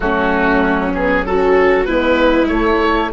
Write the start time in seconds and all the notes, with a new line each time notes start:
0.00 F#3 A3 C#4 F#4
0.94 B3 G#4
1.25 C#4 F#4 A4
1.85 G#3 B3 E4 B4
2.46 A3 C#5
2.80 A4